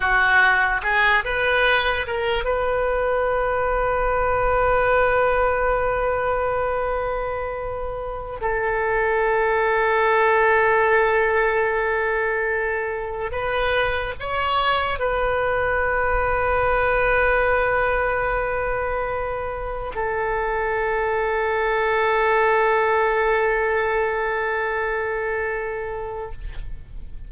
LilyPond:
\new Staff \with { instrumentName = "oboe" } { \time 4/4 \tempo 4 = 73 fis'4 gis'8 b'4 ais'8 b'4~ | b'1~ | b'2~ b'16 a'4.~ a'16~ | a'1~ |
a'16 b'4 cis''4 b'4.~ b'16~ | b'1~ | b'16 a'2.~ a'8.~ | a'1 | }